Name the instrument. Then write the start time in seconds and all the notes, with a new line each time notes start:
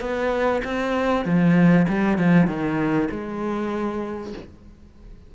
cello
0.00 B3
0.64 C4
1.25 F3
1.88 G3
2.18 F3
2.47 D#3
3.11 G#3